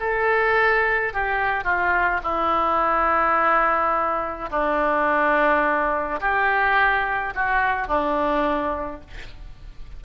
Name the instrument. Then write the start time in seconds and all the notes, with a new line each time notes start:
oboe
0.00 A4
1.13 G4
1.64 F4
2.23 E4
4.50 D4
6.21 G4
7.35 F#4
7.87 D4